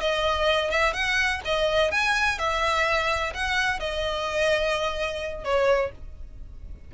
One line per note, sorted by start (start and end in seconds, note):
0.00 0.70 D#5
0.70 0.93 E5
0.93 1.40 F#5
1.45 1.91 D#5
1.91 2.38 G#5
2.38 3.33 E5
3.34 3.79 F#5
3.79 5.44 D#5
5.44 5.91 C#5